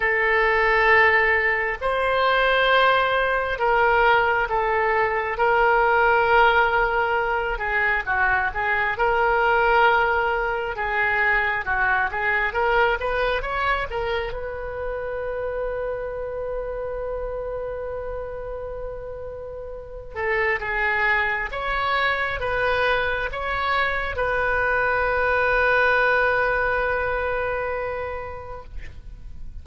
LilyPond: \new Staff \with { instrumentName = "oboe" } { \time 4/4 \tempo 4 = 67 a'2 c''2 | ais'4 a'4 ais'2~ | ais'8 gis'8 fis'8 gis'8 ais'2 | gis'4 fis'8 gis'8 ais'8 b'8 cis''8 ais'8 |
b'1~ | b'2~ b'8 a'8 gis'4 | cis''4 b'4 cis''4 b'4~ | b'1 | }